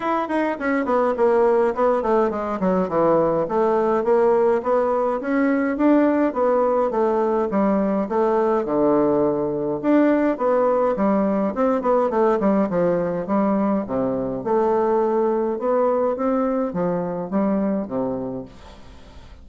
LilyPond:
\new Staff \with { instrumentName = "bassoon" } { \time 4/4 \tempo 4 = 104 e'8 dis'8 cis'8 b8 ais4 b8 a8 | gis8 fis8 e4 a4 ais4 | b4 cis'4 d'4 b4 | a4 g4 a4 d4~ |
d4 d'4 b4 g4 | c'8 b8 a8 g8 f4 g4 | c4 a2 b4 | c'4 f4 g4 c4 | }